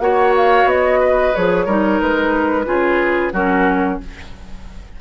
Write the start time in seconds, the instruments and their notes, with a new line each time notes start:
0.00 bassoon A#3, clarinet F#4, oboe C#5, flute F#5
0.37 flute F5
0.65 bassoon B3, flute D#5
1.00 oboe B4
1.35 bassoon F3, clarinet G#4, flute C#5
1.66 bassoon G3, clarinet D#4, oboe A#4
2.01 bassoon G#3, flute B4
2.66 bassoon C#3, clarinet F4, oboe G#4
3.33 bassoon F#3, clarinet C#4, oboe F#4, flute A#4